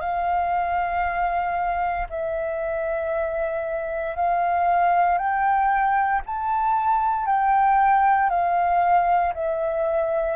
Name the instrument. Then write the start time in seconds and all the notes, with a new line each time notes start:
flute
0.00 F5
2.09 E5
4.16 F5
5.18 G5
6.26 A5
7.26 G5
8.29 F5
9.34 E5